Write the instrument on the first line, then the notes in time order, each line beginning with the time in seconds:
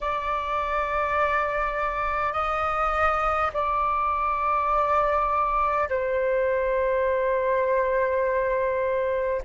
flute
0.00 D5
2.33 D#5
3.53 D5
5.89 C5